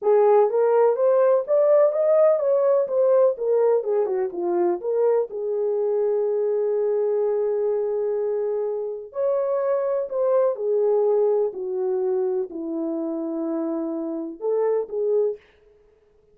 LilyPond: \new Staff \with { instrumentName = "horn" } { \time 4/4 \tempo 4 = 125 gis'4 ais'4 c''4 d''4 | dis''4 cis''4 c''4 ais'4 | gis'8 fis'8 f'4 ais'4 gis'4~ | gis'1~ |
gis'2. cis''4~ | cis''4 c''4 gis'2 | fis'2 e'2~ | e'2 a'4 gis'4 | }